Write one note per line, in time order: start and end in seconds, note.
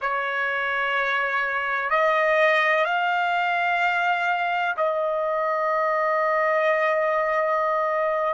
0.01 1.90 C#5
1.90 2.84 D#5
2.84 4.75 F5
4.77 8.33 D#5